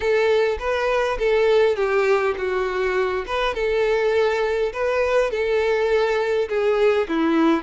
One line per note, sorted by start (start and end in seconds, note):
0.00 0.57 A4
0.59 1.18 B4
1.18 1.75 A4
1.75 2.34 G4
2.37 3.25 F#4
3.26 3.54 B4
3.54 4.72 A4
4.72 5.30 B4
5.30 6.48 A4
6.48 7.07 G#4
7.08 7.63 E4